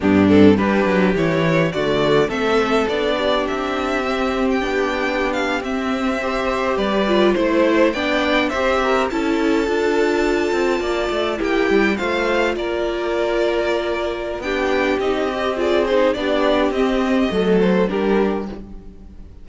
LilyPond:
<<
  \new Staff \with { instrumentName = "violin" } { \time 4/4 \tempo 4 = 104 g'8 a'8 b'4 cis''4 d''4 | e''4 d''4 e''4.~ e''16 g''16~ | g''4~ g''16 f''8 e''2 d''16~ | d''8. c''4 g''4 e''4 a''16~ |
a''2.~ a''8. g''16~ | g''8. f''4 d''2~ d''16~ | d''4 g''4 dis''4 d''8 c''8 | d''4 dis''4. c''8 ais'4 | }
  \new Staff \with { instrumentName = "violin" } { \time 4/4 d'4 g'2 fis'4 | a'4. g'2~ g'8~ | g'2~ g'8. c''4 b'16~ | b'8. c''4 d''4 c''8 ais'8 a'16~ |
a'2~ a'8. d''4 g'16~ | g'8. c''4 ais'2~ ais'16~ | ais'4 g'2 gis'4 | g'2 a'4 g'4 | }
  \new Staff \with { instrumentName = "viola" } { \time 4/4 b8 c'8 d'4 e'4 a4 | c'4 d'2 c'4 | d'4.~ d'16 c'4 g'4~ g'16~ | g'16 f'8 e'4 d'4 g'4 e'16~ |
e'8. f'2. e'16~ | e'8. f'2.~ f'16~ | f'4 d'4 dis'8 g'8 f'8 dis'8 | d'4 c'4 a4 d'4 | }
  \new Staff \with { instrumentName = "cello" } { \time 4/4 g,4 g8 fis8 e4 d4 | a4 b4 c'2 | b4.~ b16 c'2 g16~ | g8. a4 b4 c'4 cis'16~ |
cis'8. d'4. c'8 ais8 a8 ais16~ | ais16 g8 a4 ais2~ ais16~ | ais4 b4 c'2 | b4 c'4 fis4 g4 | }
>>